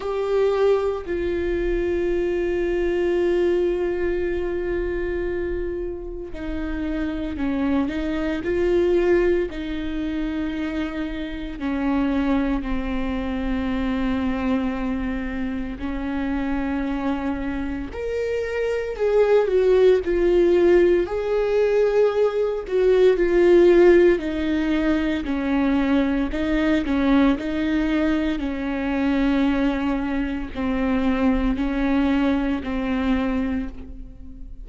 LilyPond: \new Staff \with { instrumentName = "viola" } { \time 4/4 \tempo 4 = 57 g'4 f'2.~ | f'2 dis'4 cis'8 dis'8 | f'4 dis'2 cis'4 | c'2. cis'4~ |
cis'4 ais'4 gis'8 fis'8 f'4 | gis'4. fis'8 f'4 dis'4 | cis'4 dis'8 cis'8 dis'4 cis'4~ | cis'4 c'4 cis'4 c'4 | }